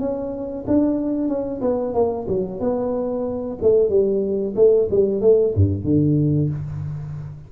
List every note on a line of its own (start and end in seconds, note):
0.00 0.65 C#4
0.68 1.28 D4
1.28 1.61 C#4
1.62 1.94 B3
1.94 2.27 A#3
2.28 2.60 F#3
2.60 3.58 B3
3.62 3.89 A3
3.89 4.54 G3
4.56 4.89 A3
4.91 5.21 G3
5.21 5.54 A3
5.55 5.85 G2
5.85 6.50 D3